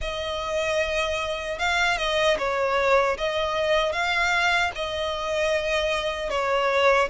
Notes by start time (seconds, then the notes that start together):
0.01 D#5
1.58 F5
1.97 D#5
2.38 C#5
3.17 D#5
3.92 F5
4.75 D#5
6.29 C#5